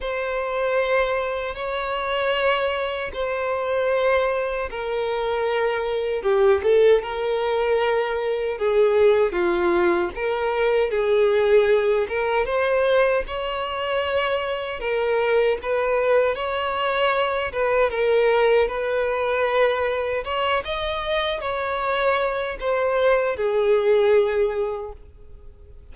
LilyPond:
\new Staff \with { instrumentName = "violin" } { \time 4/4 \tempo 4 = 77 c''2 cis''2 | c''2 ais'2 | g'8 a'8 ais'2 gis'4 | f'4 ais'4 gis'4. ais'8 |
c''4 cis''2 ais'4 | b'4 cis''4. b'8 ais'4 | b'2 cis''8 dis''4 cis''8~ | cis''4 c''4 gis'2 | }